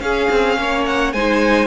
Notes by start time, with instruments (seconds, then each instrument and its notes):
0.00 cello C#4, viola C#4, violin G#4 F5
0.30 cello C4
0.58 cello A#3, violin C#5
0.86 violin F#5
1.12 cello G#3, viola D#4, violin C5 G#5